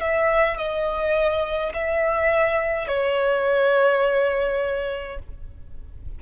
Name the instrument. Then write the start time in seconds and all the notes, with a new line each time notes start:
violin
0.00 E5
0.57 D#5
1.73 E5
2.87 C#5